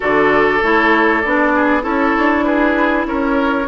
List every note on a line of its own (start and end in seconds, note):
0.00 0.62 D3
0.00 0.59 F#4
0.00 1.53 A4
0.00 0.62 D5
0.62 1.24 A3
0.62 1.24 E4
0.62 1.21 C#5
1.21 1.84 B3
1.21 1.81 D4
1.21 1.82 D5
1.54 1.82 G#4
1.81 2.15 C#4
1.81 3.65 E4
1.81 2.44 A4
1.81 2.44 C#5
2.17 3.05 D4
2.44 3.06 G#4
2.44 3.05 B4
3.05 3.67 C#4
3.05 3.67 A#4
3.05 3.67 C#5